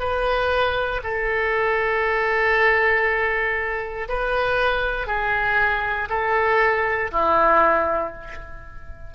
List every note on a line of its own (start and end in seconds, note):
0.00 1.02 B4
1.04 4.09 A4
4.09 5.08 B4
5.08 6.09 G#4
6.10 7.11 A4
7.12 8.14 E4